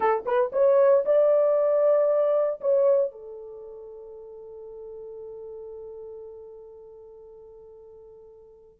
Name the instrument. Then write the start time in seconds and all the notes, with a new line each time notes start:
horn
0.00 A4
0.25 B4
0.52 C#5
1.05 D5
2.61 C#5
3.11 A4